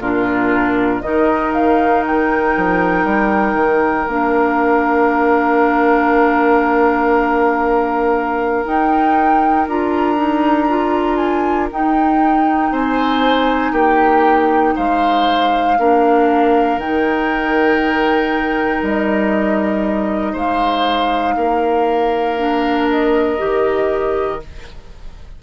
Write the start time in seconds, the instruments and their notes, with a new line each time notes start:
0.00 bassoon A#2, clarinet D4, oboe F4, flute A#4
1.01 bassoon D#3, clarinet D#4, oboe A#4, flute D#5
1.54 flute F5
2.06 flute G5
2.57 bassoon F3
3.05 bassoon G3
3.54 bassoon D#3
4.08 bassoon A#3, clarinet D4, flute F5
8.65 clarinet D#4, bassoon D#4, flute G5
9.68 bassoon D4, clarinet F4, flute A#5
10.16 clarinet D#4
10.68 clarinet F4
11.17 flute G#5
11.70 clarinet D#4, bassoon D#4, flute G5
12.71 bassoon C4, oboe C5, flute G#5
13.72 bassoon A#3, oboe G4, flute G5
14.76 bassoon G#3, oboe C5, flute F5
15.79 bassoon A#3, clarinet D4, oboe A#4
16.77 bassoon D#3, clarinet D#4, flute G5
18.82 bassoon G3, flute D#5
20.33 bassoon G#3, oboe C5, flute F5
21.36 bassoon A#3, oboe A#4
22.38 clarinet D4
22.89 flute D#5
23.38 bassoon D#3, clarinet G4